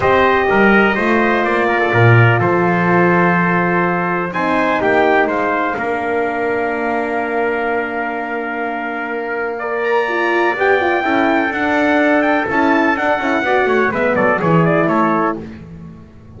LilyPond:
<<
  \new Staff \with { instrumentName = "trumpet" } { \time 4/4 \tempo 4 = 125 dis''2. d''4~ | d''4 c''2.~ | c''4 gis''4 g''4 f''4~ | f''1~ |
f''1~ | f''8 ais''4. g''2 | fis''4. g''8 a''4 fis''4~ | fis''4 e''8 d''8 cis''8 d''8 cis''4 | }
  \new Staff \with { instrumentName = "trumpet" } { \time 4/4 c''4 ais'4 c''4. ais'16 a'16 | ais'4 a'2.~ | a'4 c''4 g'4 c''4 | ais'1~ |
ais'1 | d''2. a'4~ | a'1 | d''8 cis''8 b'8 a'8 gis'4 a'4 | }
  \new Staff \with { instrumentName = "horn" } { \time 4/4 g'2 f'2~ | f'1~ | f'4 dis'2. | d'1~ |
d'1 | ais'4 f'4 g'8 f'8 e'4 | d'2 e'4 d'8 e'8 | fis'4 b4 e'2 | }
  \new Staff \with { instrumentName = "double bass" } { \time 4/4 c'4 g4 a4 ais4 | ais,4 f2.~ | f4 c'4 ais4 gis4 | ais1~ |
ais1~ | ais2 b4 cis'4 | d'2 cis'4 d'8 cis'8 | b8 a8 gis8 fis8 e4 a4 | }
>>